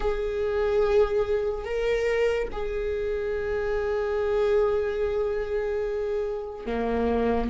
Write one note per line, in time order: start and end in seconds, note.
0.00 1.64 G#4
1.64 2.48 A#4
2.52 6.66 G#4
6.66 7.49 A#3